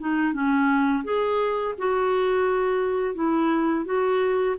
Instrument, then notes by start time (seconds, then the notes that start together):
clarinet
0.00 D#4
0.34 C#4
1.04 G#4
1.79 F#4
3.15 E4
3.86 F#4